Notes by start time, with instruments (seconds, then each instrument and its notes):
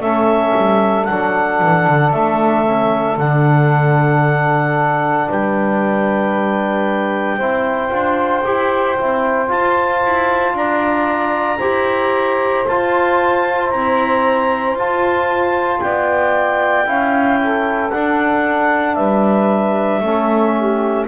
0.00 double bass A3, trombone C#4, saxophone A4, clarinet E5
0.56 double bass G3
1.05 double bass F#3, trombone D4, clarinet F#5
1.61 double bass E3
1.87 double bass D3
2.11 double bass A3, clarinet E5
2.65 trombone C#4
3.17 double bass D3, trombone D4, clarinet F#5
5.28 double bass G3, saxophone B4, clarinet G5
7.37 double bass C4, trombone E4, saxophone C5
7.89 double bass D4, trombone F4
8.44 double bass E4, trombone G4
8.97 double bass C4, trombone E4
9.47 trombone F4, double bass F4, clarinet A5
10.04 double bass E4
10.53 double bass D4, saxophone D5, clarinet A#5
11.58 double bass E4, trombone G4, saxophone C5
12.66 double bass F4, trombone F4, clarinet A5
13.70 trombone C4, double bass E4, clarinet A#5
14.74 double bass F4, trombone F4, clarinet A5
15.80 double bass B3, saxophone D5, clarinet G5
16.85 double bass C#4, trombone E4, saxophone F5
17.41 saxophone A4
17.90 trombone D4, double bass D4, clarinet F#5
18.94 double bass G3, saxophone B4, clarinet E5
20.00 double bass A3, trombone C#4, saxophone A4
20.56 saxophone G4